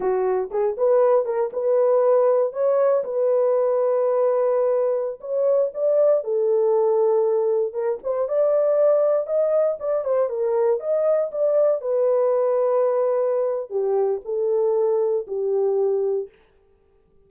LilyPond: \new Staff \with { instrumentName = "horn" } { \time 4/4 \tempo 4 = 118 fis'4 gis'8 b'4 ais'8 b'4~ | b'4 cis''4 b'2~ | b'2~ b'16 cis''4 d''8.~ | d''16 a'2. ais'8 c''16~ |
c''16 d''2 dis''4 d''8 c''16~ | c''16 ais'4 dis''4 d''4 b'8.~ | b'2. g'4 | a'2 g'2 | }